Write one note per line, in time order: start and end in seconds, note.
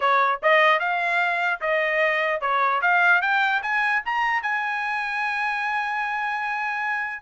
0.00 0.40 C#5
0.42 0.79 D#5
0.79 1.60 F5
1.60 2.40 D#5
2.40 2.81 C#5
2.81 3.21 F5
3.21 3.62 G5
3.62 4.02 G#5
4.05 4.42 A#5
4.42 7.22 G#5